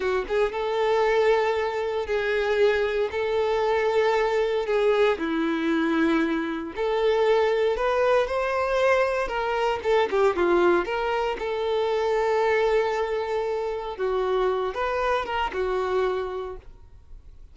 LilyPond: \new Staff \with { instrumentName = "violin" } { \time 4/4 \tempo 4 = 116 fis'8 gis'8 a'2. | gis'2 a'2~ | a'4 gis'4 e'2~ | e'4 a'2 b'4 |
c''2 ais'4 a'8 g'8 | f'4 ais'4 a'2~ | a'2. fis'4~ | fis'8 b'4 ais'8 fis'2 | }